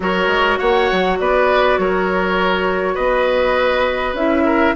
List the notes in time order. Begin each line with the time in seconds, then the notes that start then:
0.00 F#3 F#4 A#4 C#5
0.27 G#3
0.58 A#3 C#5 F#5
0.91 F#3
1.19 B3 B4 D5
1.78 F#3 A#4 C#5
2.94 B3 B4 D#5
4.13 C#4 E4 E5
4.44 A#4